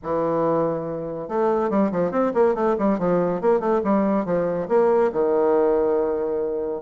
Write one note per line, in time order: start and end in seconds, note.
0.02 1.28 E3
1.28 1.70 A3
1.70 1.91 G3
1.91 2.11 F3
2.11 2.32 C4
2.34 2.54 A#3
2.54 2.76 A3
2.78 2.98 G3
2.98 3.41 F3
3.41 3.60 A#3
3.60 3.81 A3
3.84 4.25 G3
4.25 4.67 F3
4.68 5.11 A#3
5.12 6.82 D#3